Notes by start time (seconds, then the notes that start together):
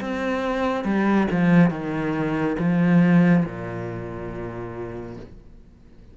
0.00 C4
0.85 G3
1.31 F3
1.70 D#3
2.58 F3
3.45 A#2